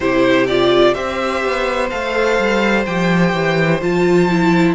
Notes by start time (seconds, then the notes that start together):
0.00 C3 E4 G4 C5
0.47 F4 D5
0.93 C4 G4 C5 E5
1.44 B3
1.89 A3 A4 F5
2.38 G3
2.85 F3 G4 G5
3.33 E3
3.81 F3 F4 A5
4.30 E4